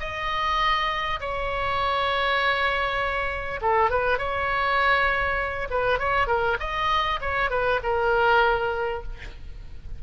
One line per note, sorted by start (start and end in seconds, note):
0.00 1.20 D#5
1.21 3.61 C#5
3.62 3.90 A4
3.90 4.18 B4
4.18 5.68 C#5
5.71 5.99 B4
5.99 6.28 C#5
6.28 6.58 A#4
6.60 7.20 D#5
7.21 7.51 C#5
7.51 7.81 B4
7.83 9.03 A#4